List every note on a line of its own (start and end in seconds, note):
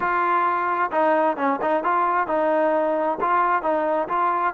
0.00 0.90 F4
0.91 1.36 D#4
1.36 1.59 C#4
1.61 1.83 D#4
1.83 2.27 F4
2.27 3.18 D#4
3.20 3.62 F4
3.62 4.08 D#4
4.08 4.53 F4